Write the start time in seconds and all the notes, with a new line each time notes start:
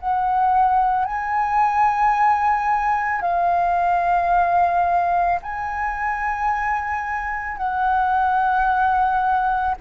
0.00 F#5
1.06 G#5
3.22 F5
5.42 G#5
7.58 F#5